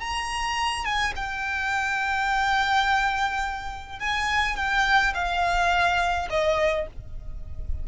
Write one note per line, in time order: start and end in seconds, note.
0.00 0.85 A#5
0.85 1.14 G#5
1.16 3.99 G5
3.99 4.56 G#5
4.56 5.14 G5
5.14 6.29 F5
6.30 6.87 D#5